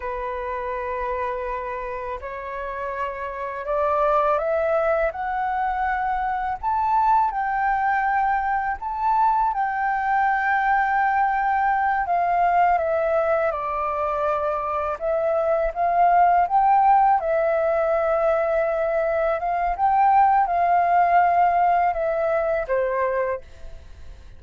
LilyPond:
\new Staff \with { instrumentName = "flute" } { \time 4/4 \tempo 4 = 82 b'2. cis''4~ | cis''4 d''4 e''4 fis''4~ | fis''4 a''4 g''2 | a''4 g''2.~ |
g''8 f''4 e''4 d''4.~ | d''8 e''4 f''4 g''4 e''8~ | e''2~ e''8 f''8 g''4 | f''2 e''4 c''4 | }